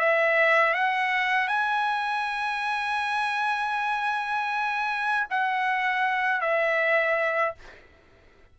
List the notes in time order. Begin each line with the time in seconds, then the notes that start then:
0.00 E5
0.74 F#5
1.48 G#5
5.31 F#5
6.41 E5